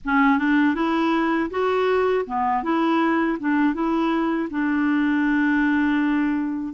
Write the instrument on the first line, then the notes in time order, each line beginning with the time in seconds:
clarinet
0.04 C#4
0.38 D4
0.75 E4
1.50 F#4
2.26 B3
2.62 E4
3.39 D4
3.74 E4
4.50 D4